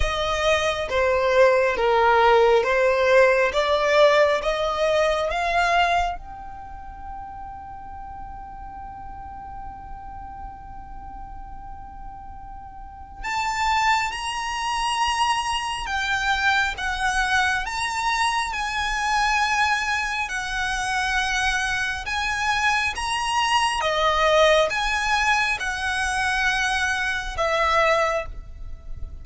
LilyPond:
\new Staff \with { instrumentName = "violin" } { \time 4/4 \tempo 4 = 68 dis''4 c''4 ais'4 c''4 | d''4 dis''4 f''4 g''4~ | g''1~ | g''2. a''4 |
ais''2 g''4 fis''4 | ais''4 gis''2 fis''4~ | fis''4 gis''4 ais''4 dis''4 | gis''4 fis''2 e''4 | }